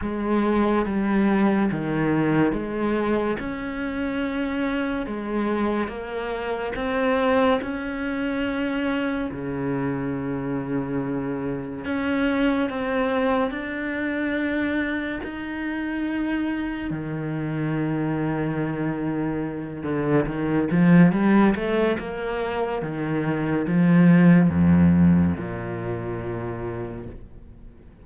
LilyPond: \new Staff \with { instrumentName = "cello" } { \time 4/4 \tempo 4 = 71 gis4 g4 dis4 gis4 | cis'2 gis4 ais4 | c'4 cis'2 cis4~ | cis2 cis'4 c'4 |
d'2 dis'2 | dis2.~ dis8 d8 | dis8 f8 g8 a8 ais4 dis4 | f4 f,4 ais,2 | }